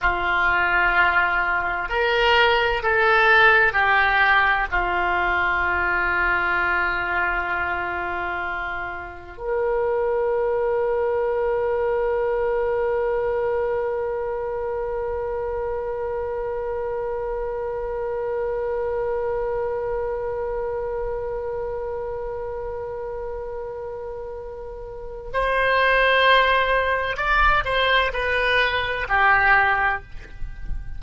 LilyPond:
\new Staff \with { instrumentName = "oboe" } { \time 4/4 \tempo 4 = 64 f'2 ais'4 a'4 | g'4 f'2.~ | f'2 ais'2~ | ais'1~ |
ais'1~ | ais'1~ | ais'2. c''4~ | c''4 d''8 c''8 b'4 g'4 | }